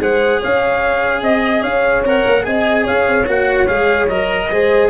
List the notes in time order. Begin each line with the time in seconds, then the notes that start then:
0.00 G#3 G#4 C5 F#5
0.40 C#4 C#5 F5
1.22 C4 D#5
1.62 C#4 C#5 F5
2.05 C4 A#4 F#5
2.26 A#3
2.43 C4 G#4 D#5 G#5
2.84 C#4 C#5 F5
3.07 C4
3.26 A#3 F#4 F#5
3.68 G#3 G#4 F5
4.09 F#3 A#4 D#5
4.51 G#3 G#4 C5